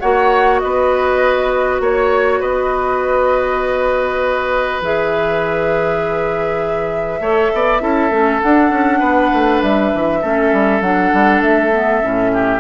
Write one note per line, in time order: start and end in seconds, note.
0.00 0.63 A#3
0.00 4.82 F#4
0.00 0.61 C#5
0.00 0.59 F#5
0.59 1.80 B3
0.59 1.81 B4
0.59 1.79 D#5
1.80 2.40 A#3
1.80 2.40 C#5
1.80 2.42 C#5
2.40 4.81 B3
2.40 7.20 B4
2.40 4.82 D#5
4.81 7.20 E3
4.81 7.22 G#4
4.81 8.42 E5
7.20 7.50 A3
7.20 7.80 A4
7.20 7.51 C#5
7.54 7.81 B3
7.54 7.82 D5
7.80 8.10 C#4
7.80 8.10 E4
7.80 8.99 A4
8.10 8.40 A3
8.10 8.41 C#4
8.42 10.23 D4
8.42 8.71 D4
8.42 9.62 F#5
8.71 9.01 C#4
8.99 9.31 B3
8.99 10.19 B4
9.33 9.63 A3
9.62 9.93 G3
9.62 10.82 E5
9.94 10.23 E3
10.22 10.53 A3
10.22 10.83 C#4
10.22 12.32 A4
10.53 10.81 G3
10.81 11.11 F#3
10.81 11.71 D4
10.81 11.42 F#5
11.14 11.41 G3
11.41 12.01 A3
11.41 12.60 E5
11.71 12.01 B3
12.01 12.60 A2
12.01 12.60 C#4
12.33 12.60 G4